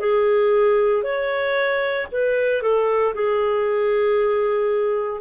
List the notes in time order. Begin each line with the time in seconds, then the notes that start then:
0.00 G#4
1.03 C#5
2.12 B4
2.62 A4
3.14 G#4